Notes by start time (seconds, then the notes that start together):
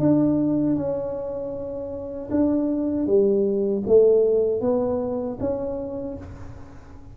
0.00 D4
0.76 C#4
2.31 D4
3.07 G3
3.87 A3
4.62 B3
5.41 C#4